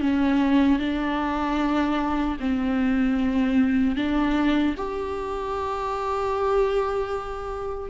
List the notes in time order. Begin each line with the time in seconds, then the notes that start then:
0.00 C#4
0.79 D4
2.40 C4
3.96 D4
4.77 G4